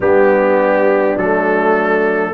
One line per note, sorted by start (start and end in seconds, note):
0.00 1.14 G3
0.00 1.18 B3
0.00 2.33 D4
0.00 1.17 G4
1.16 2.33 F#3
1.16 2.33 A3
1.16 2.33 A4